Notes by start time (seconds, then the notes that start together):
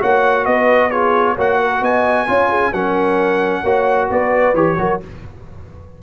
0.00 A#3 F#4 C#5 F#5
0.46 B3 B4 D#5
0.91 F4 G#4 C#5
1.36 A#3 F#4 C#5 F#5
1.59 A#4
1.82 B3 D#5 G#5
2.28 C#4 F4 C#5
2.50 G#4
2.72 F#3 C#4 A#4 F#5
3.62 A#3 F#4 C#5
4.09 B3 B4 D5
4.54 E3 G4 C#5
4.78 F#3 F#4 A#4